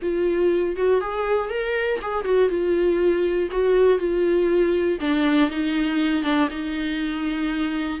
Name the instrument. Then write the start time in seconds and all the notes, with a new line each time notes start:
viola
0.02 F4
0.76 F#4
1.00 G#4
1.49 A#4
2.01 G#4
2.24 F#4
2.49 F4
3.51 F#4
3.98 F4
5.00 D4
5.50 D#4
6.23 D4
6.50 D#4